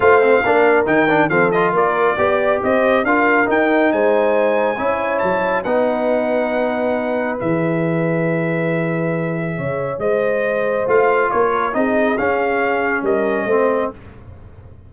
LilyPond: <<
  \new Staff \with { instrumentName = "trumpet" } { \time 4/4 \tempo 4 = 138 f''2 g''4 f''8 dis''8 | d''2 dis''4 f''4 | g''4 gis''2. | a''4 fis''2.~ |
fis''4 e''2.~ | e''2. dis''4~ | dis''4 f''4 cis''4 dis''4 | f''2 dis''2 | }
  \new Staff \with { instrumentName = "horn" } { \time 4/4 c''4 ais'2 a'4 | ais'4 d''4 c''4 ais'4~ | ais'4 c''2 cis''4~ | cis''4 b'2.~ |
b'1~ | b'2 cis''4 c''4~ | c''2 ais'4 gis'4~ | gis'2 ais'4 c''4 | }
  \new Staff \with { instrumentName = "trombone" } { \time 4/4 f'8 c'8 d'4 dis'8 d'8 c'8 f'8~ | f'4 g'2 f'4 | dis'2. e'4~ | e'4 dis'2.~ |
dis'4 gis'2.~ | gis'1~ | gis'4 f'2 dis'4 | cis'2. c'4 | }
  \new Staff \with { instrumentName = "tuba" } { \time 4/4 a4 ais4 dis4 f4 | ais4 b4 c'4 d'4 | dis'4 gis2 cis'4 | fis4 b2.~ |
b4 e2.~ | e2 cis4 gis4~ | gis4 a4 ais4 c'4 | cis'2 g4 a4 | }
>>